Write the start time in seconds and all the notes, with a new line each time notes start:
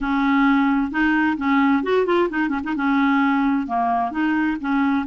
0.01 C#4
0.91 D#4
1.37 C#4
1.83 F#4
2.05 F4
2.29 D#4
2.48 C#4
2.63 D#4
2.75 C#4
3.66 A#3
4.11 D#4
4.60 C#4